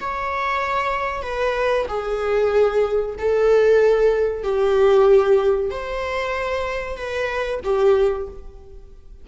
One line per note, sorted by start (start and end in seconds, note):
0.00 1.22 C#5
1.22 1.86 B4
1.88 3.16 G#4
3.18 4.43 A4
4.43 5.70 G4
5.70 6.96 C5
6.96 7.60 B4
7.64 8.27 G4